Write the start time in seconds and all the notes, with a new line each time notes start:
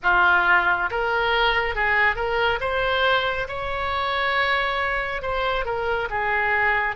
0.02 F4
0.90 A#4
1.75 G#4
2.15 A#4
2.60 C5
3.48 C#5
5.22 C5
5.65 A#4
6.09 G#4